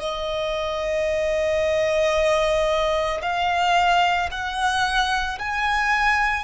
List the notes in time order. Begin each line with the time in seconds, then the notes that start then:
0.00 D#5
3.22 F5
4.31 F#5
5.39 G#5